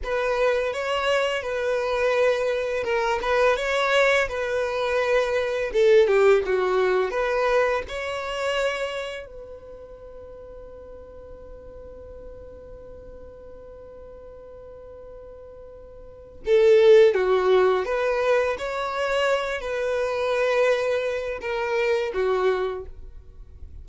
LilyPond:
\new Staff \with { instrumentName = "violin" } { \time 4/4 \tempo 4 = 84 b'4 cis''4 b'2 | ais'8 b'8 cis''4 b'2 | a'8 g'8 fis'4 b'4 cis''4~ | cis''4 b'2.~ |
b'1~ | b'2. a'4 | fis'4 b'4 cis''4. b'8~ | b'2 ais'4 fis'4 | }